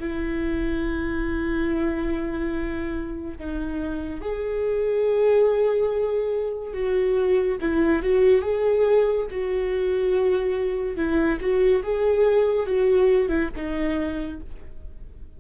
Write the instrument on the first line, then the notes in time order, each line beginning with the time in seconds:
viola
0.00 E4
3.38 D#4
4.21 G#4
6.73 F#4
7.61 E4
8.03 F#4
8.42 G#4
9.31 F#4
10.97 E4
11.40 F#4
11.83 G#4
12.66 F#4
13.29 E4
13.56 D#4